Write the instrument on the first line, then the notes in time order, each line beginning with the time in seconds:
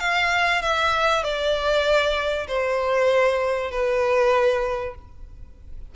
violin
0.00 F5
0.62 E5
1.23 D5
2.47 C5
3.71 B4